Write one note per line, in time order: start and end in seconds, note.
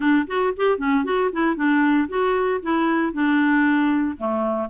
0.00 0.26 D4
0.27 0.53 F#4
0.56 0.78 G4
0.78 1.04 C#4
1.04 1.30 F#4
1.32 1.56 E4
1.56 2.08 D4
2.08 2.60 F#4
2.62 3.13 E4
3.13 4.17 D4
4.17 4.69 A3